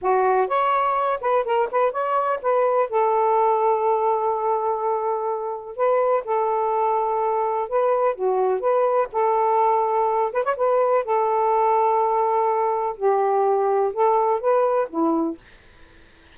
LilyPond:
\new Staff \with { instrumentName = "saxophone" } { \time 4/4 \tempo 4 = 125 fis'4 cis''4. b'8 ais'8 b'8 | cis''4 b'4 a'2~ | a'1 | b'4 a'2. |
b'4 fis'4 b'4 a'4~ | a'4. b'16 cis''16 b'4 a'4~ | a'2. g'4~ | g'4 a'4 b'4 e'4 | }